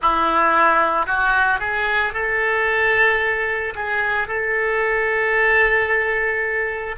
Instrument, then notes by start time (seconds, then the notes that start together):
oboe
0.01 E4
1.06 F#4
1.59 G#4
2.13 A4
3.75 G#4
4.27 A4